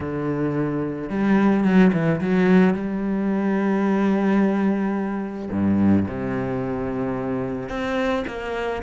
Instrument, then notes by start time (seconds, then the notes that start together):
cello
0.00 D3
1.09 G3
1.64 F#3
1.92 E3
2.20 F#3
2.74 G3
5.51 G2
6.07 C3
7.69 C4
8.27 A#3